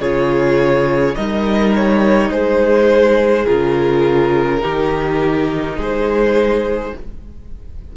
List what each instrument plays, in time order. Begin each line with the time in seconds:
0.00 cello C#3, viola F4, violin G#4 C#5
1.15 cello G3, viola D#4, violin A#4 D#5
1.75 violin C#5
2.31 cello G#3, violin G#4 C5
3.46 cello C#3, viola F4, violin A#4
4.61 cello D#3, viola D#4, violin G4
5.77 cello G#3, violin G#4 C5